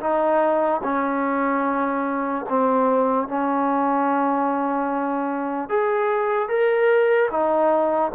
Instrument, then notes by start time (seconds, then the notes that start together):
trombone
0.00 D#4
0.83 C#4
2.50 C4
3.28 C#4
5.69 G#4
6.48 A#4
7.31 D#4